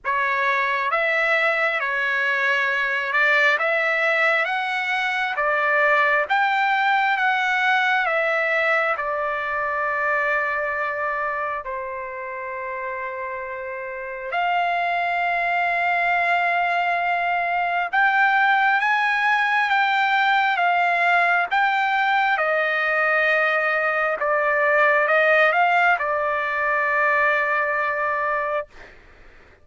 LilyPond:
\new Staff \with { instrumentName = "trumpet" } { \time 4/4 \tempo 4 = 67 cis''4 e''4 cis''4. d''8 | e''4 fis''4 d''4 g''4 | fis''4 e''4 d''2~ | d''4 c''2. |
f''1 | g''4 gis''4 g''4 f''4 | g''4 dis''2 d''4 | dis''8 f''8 d''2. | }